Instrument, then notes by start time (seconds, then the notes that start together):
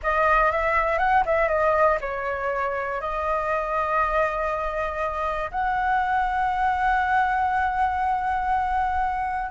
flute
0.02 D#5
0.51 E5
0.98 F#5
1.25 E5
1.48 D#5
2.00 C#5
3.00 D#5
5.51 F#5